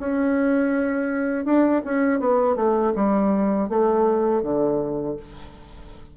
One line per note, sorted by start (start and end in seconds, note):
0.00 1.45 C#4
1.45 1.82 D4
1.85 2.20 C#4
2.20 2.56 B3
2.56 2.93 A3
2.95 3.69 G3
3.69 4.43 A3
4.43 5.17 D3